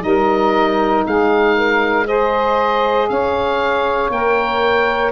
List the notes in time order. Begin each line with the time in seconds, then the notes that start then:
0.00 G3 D#4 A#4 D#5
1.05 G#3 G#4 F5
1.55 A#4
2.06 G#4 C5 D#5
3.09 C#4 C#5 F5
4.09 A#3 A#4 G5